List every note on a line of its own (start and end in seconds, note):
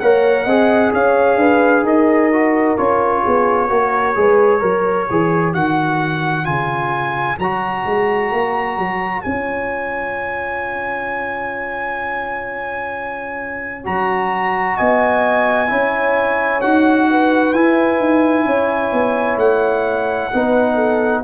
0.00 0.46 A#3
0.00 0.48 A#4
0.00 0.45 C#5
0.00 0.92 F#5
0.45 0.92 C4
0.45 2.33 G#4
0.45 0.91 D#5
0.93 1.37 C#4
0.93 1.39 C#5
0.93 1.87 F5
1.37 1.83 D4
1.37 1.85 B4
1.83 2.75 D#4
1.83 3.23 A#4
1.83 2.77 D#5
2.33 2.78 F#4
2.77 3.25 C#4
2.77 3.69 F4
2.77 5.54 C#5
3.23 3.70 B3
3.23 3.69 G#4
3.69 4.16 A#3
3.69 4.15 F#4
3.69 4.19 A#4
4.15 4.62 G#3
4.15 4.60 G#4
4.15 4.61 B4
4.60 5.08 F#3
4.60 5.06 A#4
4.60 14.76 C#5
5.11 5.55 E3
5.11 5.55 G#4
5.54 6.47 D#3
5.54 6.45 F#4
5.54 6.45 F#5
6.45 7.39 C#3
6.45 7.37 F4
6.45 7.38 G#5
7.39 7.85 F#3
7.39 9.24 F#4
7.39 9.22 A#5
7.86 8.32 G#3
8.32 8.78 A#3
8.78 9.24 F#3
9.22 13.87 C#4
9.22 13.84 F4
9.22 13.83 G#5
13.84 14.79 F#3
13.84 15.68 F#4
13.84 14.77 A#5
14.77 15.72 B3
14.77 15.70 D#5
14.77 16.61 G#5
15.68 16.64 C#4
15.68 16.60 E4
15.68 17.09 C#5
16.61 17.54 D#4
16.61 17.55 F#4
16.61 17.53 F#5
17.10 18.47 B4
17.53 17.99 E4
17.53 20.32 E4
17.53 19.38 G#5
17.99 18.45 D#4
18.45 18.92 C#4
18.45 20.31 C#5
18.93 19.37 B3
19.37 20.29 A3
19.37 21.24 F#5
20.32 21.24 B3
20.32 21.24 D#4
20.32 20.75 B4
20.75 21.21 A4